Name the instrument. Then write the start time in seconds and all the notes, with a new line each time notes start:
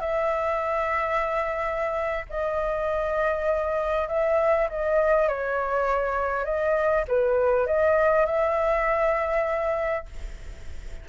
flute
0.00 E5
2.29 D#5
4.08 E5
4.69 D#5
5.28 C#5
6.44 D#5
7.08 B4
7.66 D#5
8.26 E5